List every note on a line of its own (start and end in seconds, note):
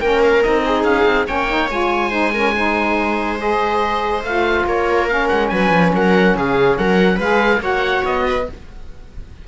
0.00 0.43 A#3
0.00 0.43 C#4
0.00 0.63 A#4
0.00 0.21 G5
0.22 0.42 F5
0.42 0.84 C4
0.42 1.26 D#4
0.42 0.84 D#5
0.65 1.27 G#4
0.84 1.05 C#4
0.84 1.26 F5
1.05 1.26 C4
1.26 1.70 A#3
1.26 1.47 C#4
1.26 2.10 C#5
1.26 1.70 G5
1.48 1.69 D#4
1.70 4.23 G#3
1.70 2.11 F4
1.70 3.39 G#5
2.10 2.32 D#4
2.10 2.31 C5
2.33 2.55 C#4
2.33 2.54 A#4
2.55 3.38 D#4
2.55 4.66 C5
3.38 4.22 G#4
3.38 4.24 D#5
4.23 4.65 A3
4.23 5.08 F4
4.23 4.66 F5
4.65 5.29 A#3
4.65 5.51 A#4
4.65 5.08 C#5
5.08 7.19 C#4
5.08 5.28 F5
5.28 5.52 G#3
5.28 5.48 F#5
5.48 5.71 F#3
5.48 5.93 B4
5.48 5.90 G#5
5.71 5.92 F3
5.93 6.35 F#3
5.93 6.36 A#4
5.93 6.37 F#5
6.35 6.77 C#3
6.35 6.79 G#4
6.35 6.77 F5
6.77 7.18 F#3
6.77 7.16 A#4
6.77 7.19 F#5
7.16 7.60 G#3
7.16 7.60 G#4
7.16 7.58 B4
7.16 7.62 F5
7.60 8.02 A#3
7.60 8.45 F#4
7.60 8.26 C#5
7.60 8.05 F#5
8.04 8.47 B3
8.04 8.47 D#5
8.26 8.47 B4